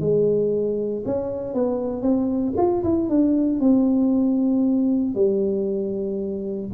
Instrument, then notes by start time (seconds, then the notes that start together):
tuba
0.00 G#3
1.05 C#4
1.54 B3
2.02 C4
2.57 F4
2.84 E4
3.09 D4
3.60 C4
5.15 G3